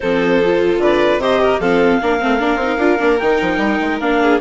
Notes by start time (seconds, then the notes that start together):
0.00 F3 C4 A4 C5
0.44 F4
0.78 D3 B4 D5
1.17 C3 G4 C5 D#5
1.41 A#4
1.59 F3 C4 A4 F5
2.01 A#3 D4 A#4
2.20 A3 C4
2.39 A#3 D4
2.56 C4
2.62 D#4
2.77 D4 F4
2.98 A#3 D4
3.18 D#3 D#4 G5
3.41 F3
3.57 G3
3.81 G#3
4.00 A#3 D4 F5
4.21 G#4